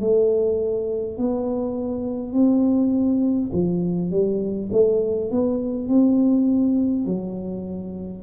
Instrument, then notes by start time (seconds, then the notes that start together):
tuba
0.00 A3
1.18 B3
2.33 C4
3.52 F3
4.11 G3
4.72 A3
5.31 B3
5.88 C4
7.06 F#3